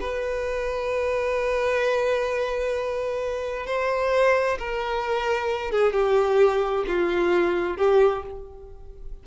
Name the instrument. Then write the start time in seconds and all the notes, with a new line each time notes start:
violin
0.00 B4
3.66 C5
4.59 A#4
5.71 G#4
5.93 G4
6.87 F4
7.77 G4